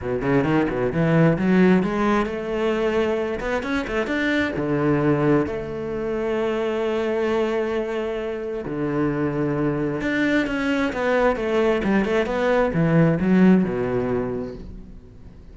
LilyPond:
\new Staff \with { instrumentName = "cello" } { \time 4/4 \tempo 4 = 132 b,8 cis8 dis8 b,8 e4 fis4 | gis4 a2~ a8 b8 | cis'8 a8 d'4 d2 | a1~ |
a2. d4~ | d2 d'4 cis'4 | b4 a4 g8 a8 b4 | e4 fis4 b,2 | }